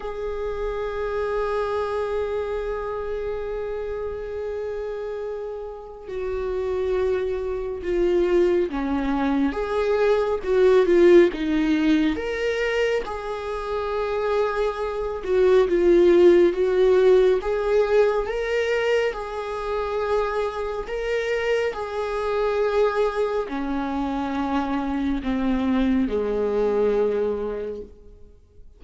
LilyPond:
\new Staff \with { instrumentName = "viola" } { \time 4/4 \tempo 4 = 69 gis'1~ | gis'2. fis'4~ | fis'4 f'4 cis'4 gis'4 | fis'8 f'8 dis'4 ais'4 gis'4~ |
gis'4. fis'8 f'4 fis'4 | gis'4 ais'4 gis'2 | ais'4 gis'2 cis'4~ | cis'4 c'4 gis2 | }